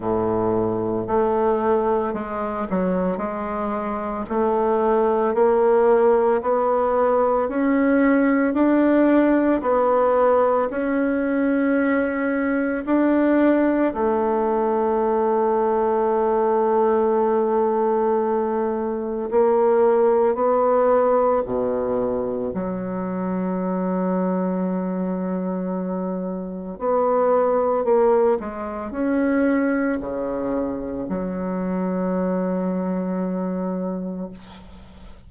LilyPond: \new Staff \with { instrumentName = "bassoon" } { \time 4/4 \tempo 4 = 56 a,4 a4 gis8 fis8 gis4 | a4 ais4 b4 cis'4 | d'4 b4 cis'2 | d'4 a2.~ |
a2 ais4 b4 | b,4 fis2.~ | fis4 b4 ais8 gis8 cis'4 | cis4 fis2. | }